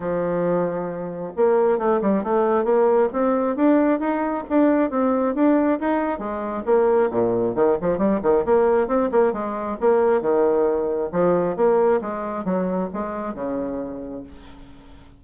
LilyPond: \new Staff \with { instrumentName = "bassoon" } { \time 4/4 \tempo 4 = 135 f2. ais4 | a8 g8 a4 ais4 c'4 | d'4 dis'4 d'4 c'4 | d'4 dis'4 gis4 ais4 |
ais,4 dis8 f8 g8 dis8 ais4 | c'8 ais8 gis4 ais4 dis4~ | dis4 f4 ais4 gis4 | fis4 gis4 cis2 | }